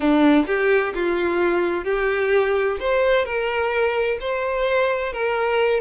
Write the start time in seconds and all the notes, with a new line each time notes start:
0.00 D4
0.47 G4
0.94 F4
1.84 G4
2.80 C5
3.25 A#4
4.20 C5
5.12 A#4